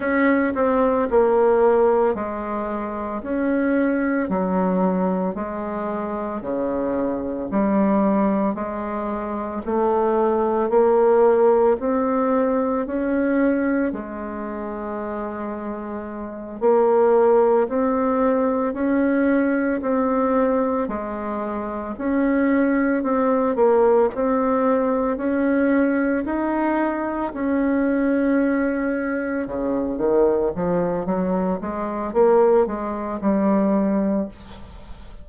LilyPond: \new Staff \with { instrumentName = "bassoon" } { \time 4/4 \tempo 4 = 56 cis'8 c'8 ais4 gis4 cis'4 | fis4 gis4 cis4 g4 | gis4 a4 ais4 c'4 | cis'4 gis2~ gis8 ais8~ |
ais8 c'4 cis'4 c'4 gis8~ | gis8 cis'4 c'8 ais8 c'4 cis'8~ | cis'8 dis'4 cis'2 cis8 | dis8 f8 fis8 gis8 ais8 gis8 g4 | }